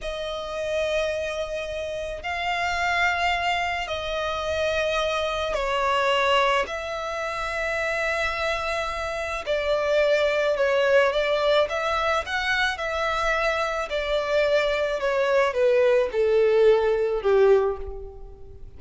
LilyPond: \new Staff \with { instrumentName = "violin" } { \time 4/4 \tempo 4 = 108 dis''1 | f''2. dis''4~ | dis''2 cis''2 | e''1~ |
e''4 d''2 cis''4 | d''4 e''4 fis''4 e''4~ | e''4 d''2 cis''4 | b'4 a'2 g'4 | }